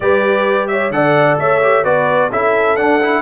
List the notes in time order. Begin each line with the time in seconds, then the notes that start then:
0.00 G3 G4 B4 D5
0.67 C#5 E5
0.90 D3 A4 D5 F#5
1.38 A3 C#5 E5
1.62 G4
1.84 B3 F#4 B4 D5
2.31 C#4 E4 A4 E5
2.75 D4 F#5
3.01 E4